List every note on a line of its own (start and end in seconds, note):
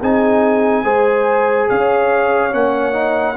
0.00 0.84 C4
0.00 0.85 D#4
0.00 0.84 G#4
0.00 1.69 G#5
0.84 1.68 G#3
0.84 2.51 G#4
0.84 1.68 C5
1.69 2.53 C#4
1.69 3.36 C#5
1.69 2.54 F5
2.51 3.36 A#3
2.51 2.92 C#4
2.51 3.36 F#5
2.92 3.35 D#4